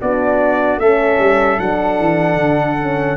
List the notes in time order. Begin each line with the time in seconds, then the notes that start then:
0.00 B3 D4 F#4 D5
0.78 A3 C#4 A4 E5
1.18 G3
1.58 F#3 D4 F#5
2.00 E3
2.36 D3
2.78 C#4